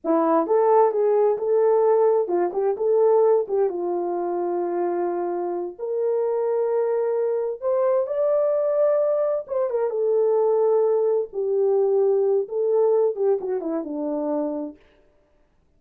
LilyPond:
\new Staff \with { instrumentName = "horn" } { \time 4/4 \tempo 4 = 130 e'4 a'4 gis'4 a'4~ | a'4 f'8 g'8 a'4. g'8 | f'1~ | f'8 ais'2.~ ais'8~ |
ais'8 c''4 d''2~ d''8~ | d''8 c''8 ais'8 a'2~ a'8~ | a'8 g'2~ g'8 a'4~ | a'8 g'8 fis'8 e'8 d'2 | }